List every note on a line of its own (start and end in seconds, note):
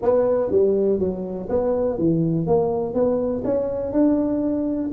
0.02 0.51 B3
0.51 0.99 G3
0.99 1.48 F#3
1.49 1.98 B3
1.98 2.46 E3
2.46 2.94 A#3
2.94 3.43 B3
3.44 3.92 C#4
3.92 4.90 D4